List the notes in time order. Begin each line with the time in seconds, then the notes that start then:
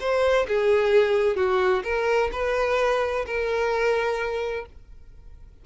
0.00 C5
0.48 G#4
1.36 F#4
1.84 A#4
2.32 B4
3.26 A#4